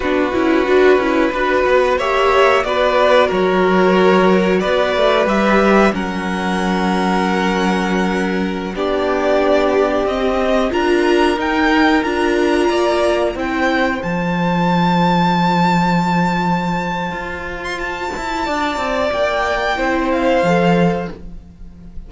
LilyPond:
<<
  \new Staff \with { instrumentName = "violin" } { \time 4/4 \tempo 4 = 91 b'2. e''4 | d''4 cis''2 d''4 | e''4 fis''2.~ | fis''4~ fis''16 d''2 dis''8.~ |
dis''16 ais''4 g''4 ais''4.~ ais''16~ | ais''16 g''4 a''2~ a''8.~ | a''2~ a''8. c'''16 a''4~ | a''4 g''4. f''4. | }
  \new Staff \with { instrumentName = "violin" } { \time 4/4 fis'2 b'4 cis''4 | b'4 ais'2 b'4~ | b'4 ais'2.~ | ais'4~ ais'16 g'2~ g'8.~ |
g'16 ais'2. d''8.~ | d''16 c''2.~ c''8.~ | c''1 | d''2 c''2 | }
  \new Staff \with { instrumentName = "viola" } { \time 4/4 d'8 e'8 fis'8 e'8 fis'4 g'4 | fis'1 | g'4 cis'2.~ | cis'4~ cis'16 d'2 c'8.~ |
c'16 f'4 dis'4 f'4.~ f'16~ | f'16 e'4 f'2~ f'8.~ | f'1~ | f'2 e'4 a'4 | }
  \new Staff \with { instrumentName = "cello" } { \time 4/4 b8 cis'8 d'8 cis'8 d'8 b8 ais4 | b4 fis2 b8 a8 | g4 fis2.~ | fis4~ fis16 b2 c'8.~ |
c'16 d'4 dis'4 d'4 ais8.~ | ais16 c'4 f2~ f8.~ | f2 f'4. e'8 | d'8 c'8 ais4 c'4 f4 | }
>>